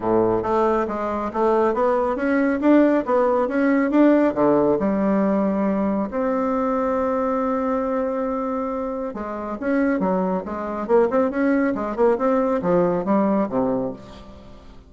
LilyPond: \new Staff \with { instrumentName = "bassoon" } { \time 4/4 \tempo 4 = 138 a,4 a4 gis4 a4 | b4 cis'4 d'4 b4 | cis'4 d'4 d4 g4~ | g2 c'2~ |
c'1~ | c'4 gis4 cis'4 fis4 | gis4 ais8 c'8 cis'4 gis8 ais8 | c'4 f4 g4 c4 | }